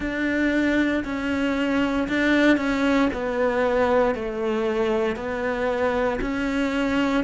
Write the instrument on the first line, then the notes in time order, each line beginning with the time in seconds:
cello
0.00 D4
1.04 C#4
2.08 D4
2.57 C#4
3.13 B3
4.14 A3
5.15 B3
6.21 C#4